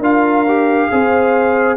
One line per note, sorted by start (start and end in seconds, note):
0.00 0.88 D4
0.00 0.47 F4
0.00 0.89 A#4
0.00 1.78 F5
0.48 0.92 G4
0.92 1.78 C4
0.92 1.78 G#4
0.92 1.78 C5